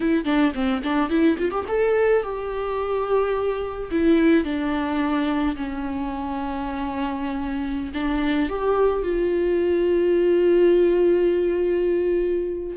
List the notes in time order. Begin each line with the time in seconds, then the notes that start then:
0.00 E4
0.24 D4
0.54 C4
0.83 D4
1.09 E4
1.38 F4
1.51 G4
1.68 A4
2.23 G4
3.91 E4
4.44 D4
5.56 C#4
7.93 D4
8.49 G4
9.03 F4